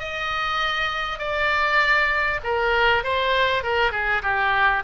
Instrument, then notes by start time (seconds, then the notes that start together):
oboe
0.00 D#5
1.19 D5
2.44 A#4
3.04 C5
3.64 A#4
3.92 G#4
4.23 G4